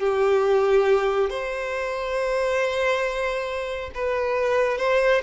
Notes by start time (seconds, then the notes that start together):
0.00 G4
1.30 C5
3.95 B4
4.79 C5